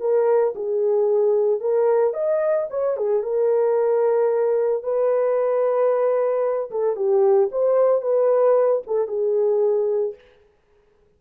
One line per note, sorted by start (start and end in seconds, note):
0.00 0.54 A#4
0.55 1.60 G#4
1.60 2.13 A#4
2.13 2.67 D#5
2.70 2.97 C#5
2.97 3.23 G#4
3.23 4.83 A#4
4.83 6.70 B4
6.71 6.96 A4
6.96 7.50 G4
7.51 8.02 C5
8.02 8.82 B4
8.87 9.08 A4
9.08 10.15 G#4